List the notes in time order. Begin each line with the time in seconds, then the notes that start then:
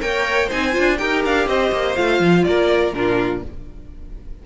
0.00 A#3 A#4 C#5 G5
0.47 C4 D#4 C5 G#5
0.72 D4 F4
0.97 D#4 G4 A#4 G5
1.25 D4 F5
1.46 C4 C5 D#5
1.72 A#3
1.95 A3 F4 F5
2.19 F3
2.44 A#3 A#4 D5
2.93 A#2 D4 F4 A#4